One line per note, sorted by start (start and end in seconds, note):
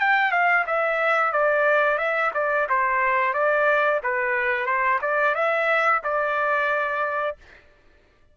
0.00 0.32 G5
0.32 0.65 F5
0.67 1.32 E5
1.32 1.98 D5
1.98 2.32 E5
2.34 2.68 D5
2.69 3.34 C5
3.34 4.01 D5
4.04 4.66 B4
4.66 4.99 C5
5.02 5.35 D5
5.35 6.02 E5
6.04 7.37 D5